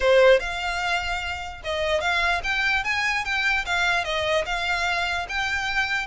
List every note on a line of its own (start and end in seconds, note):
0.00 0.39 C5
0.39 1.61 F5
1.64 2.00 D#5
2.00 2.41 F5
2.43 2.84 G5
2.84 3.24 G#5
3.24 3.65 G5
3.65 4.04 F5
4.04 4.45 D#5
4.45 5.26 F5
5.28 6.06 G5